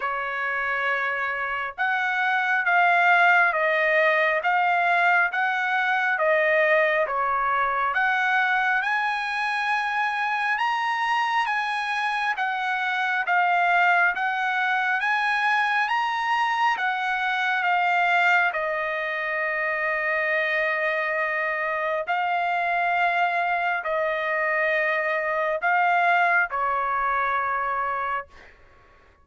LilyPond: \new Staff \with { instrumentName = "trumpet" } { \time 4/4 \tempo 4 = 68 cis''2 fis''4 f''4 | dis''4 f''4 fis''4 dis''4 | cis''4 fis''4 gis''2 | ais''4 gis''4 fis''4 f''4 |
fis''4 gis''4 ais''4 fis''4 | f''4 dis''2.~ | dis''4 f''2 dis''4~ | dis''4 f''4 cis''2 | }